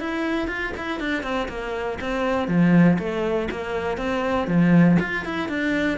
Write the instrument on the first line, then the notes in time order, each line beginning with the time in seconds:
cello
0.00 E4
0.48 F4
0.77 E4
1.00 D4
1.23 C4
1.49 A#3
2.01 C4
2.48 F3
2.99 A3
3.51 A#3
3.97 C4
4.47 F3
5.00 F4
5.25 E4
5.49 D4